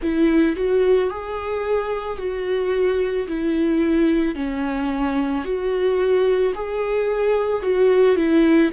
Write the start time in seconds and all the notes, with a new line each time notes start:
0.02 E4
0.56 F#4
1.10 G#4
2.18 F#4
3.27 E4
4.35 C#4
5.44 F#4
6.55 G#4
7.62 F#4
8.15 E4